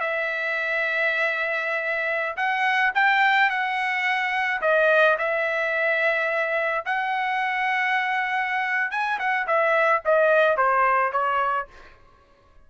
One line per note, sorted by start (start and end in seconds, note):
0.00 2.36 E5
2.36 2.92 F#5
2.95 3.50 G5
3.50 4.61 F#5
4.62 5.17 D#5
5.18 6.85 E5
6.85 8.91 F#5
8.91 9.19 G#5
9.19 9.47 F#5
9.47 10.03 E5
10.05 10.57 D#5
10.57 11.12 C5
11.12 11.68 C#5